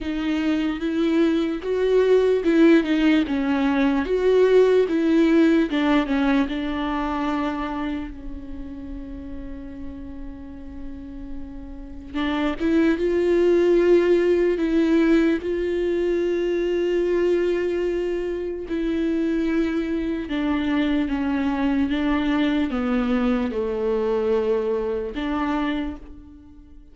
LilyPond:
\new Staff \with { instrumentName = "viola" } { \time 4/4 \tempo 4 = 74 dis'4 e'4 fis'4 e'8 dis'8 | cis'4 fis'4 e'4 d'8 cis'8 | d'2 cis'2~ | cis'2. d'8 e'8 |
f'2 e'4 f'4~ | f'2. e'4~ | e'4 d'4 cis'4 d'4 | b4 a2 d'4 | }